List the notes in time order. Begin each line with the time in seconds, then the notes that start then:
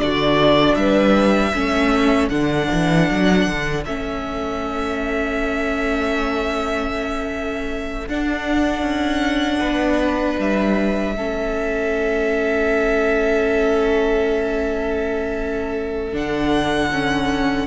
0.00 D3 D4 F#4 D5
0.75 G3 B4 E5
1.53 A3 C#4 A4
2.29 D3 D4 F#5
2.72 E3
3.10 F#3
3.47 D3
3.86 A3 C#4 E5
8.08 D4 F#5
8.82 C#4
9.60 B3 B4
10.38 G3 E5
11.14 A3 C#4 A4
16.13 D3 D4 F#5
16.92 C#4